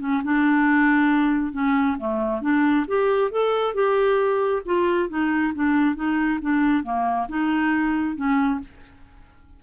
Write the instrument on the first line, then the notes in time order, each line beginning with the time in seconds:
clarinet
0.00 C#4
0.24 D4
1.53 C#4
1.98 A3
2.42 D4
2.87 G4
3.31 A4
3.74 G4
4.66 F4
5.09 D#4
5.55 D4
5.95 D#4
6.42 D4
6.83 A#3
7.29 D#4
8.16 C#4